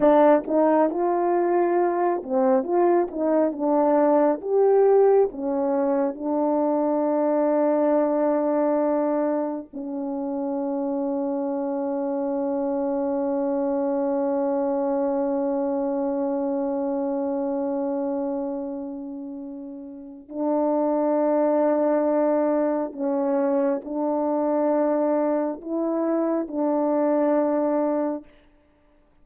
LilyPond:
\new Staff \with { instrumentName = "horn" } { \time 4/4 \tempo 4 = 68 d'8 dis'8 f'4. c'8 f'8 dis'8 | d'4 g'4 cis'4 d'4~ | d'2. cis'4~ | cis'1~ |
cis'1~ | cis'2. d'4~ | d'2 cis'4 d'4~ | d'4 e'4 d'2 | }